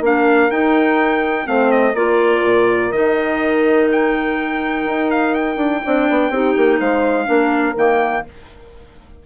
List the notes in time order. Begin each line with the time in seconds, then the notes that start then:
0.00 A#3 D4 A#4 F5
0.51 D#4 G5
1.45 A3 C4 C5 F5
1.71 D#5
1.94 A#3 F4 A#4 D5
2.44 A#2
2.92 D#3 D#4 D#5
3.92 G5
4.86 D#4
5.11 F5
5.35 G5
5.56 D4
5.83 C4 D4 D5
6.10 B3
6.30 C4 D#4 G4
6.57 A#3
6.79 G#3 C5 F5
7.25 A#3 D4 A#4
7.76 D#3 A#3 G5